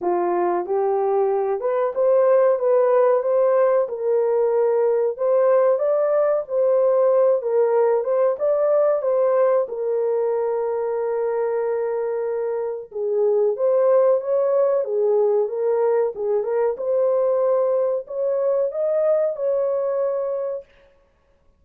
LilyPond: \new Staff \with { instrumentName = "horn" } { \time 4/4 \tempo 4 = 93 f'4 g'4. b'8 c''4 | b'4 c''4 ais'2 | c''4 d''4 c''4. ais'8~ | ais'8 c''8 d''4 c''4 ais'4~ |
ais'1 | gis'4 c''4 cis''4 gis'4 | ais'4 gis'8 ais'8 c''2 | cis''4 dis''4 cis''2 | }